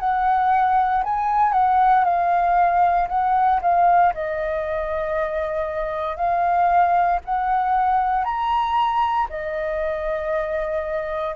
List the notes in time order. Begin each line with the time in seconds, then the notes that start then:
0.00 F#5
1.03 G#5
1.53 F#5
2.05 F5
3.09 F#5
3.62 F5
4.14 D#5
6.16 F5
7.25 F#5
8.24 A#5
9.30 D#5